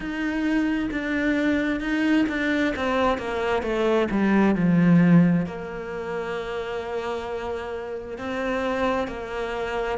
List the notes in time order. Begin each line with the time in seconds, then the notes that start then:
0.00 D#4
0.91 D4
1.80 D#4
2.28 D4
2.76 C4
3.17 A#3
3.62 A3
4.10 G3
4.55 F3
5.45 A#3
8.17 C4
9.07 A#3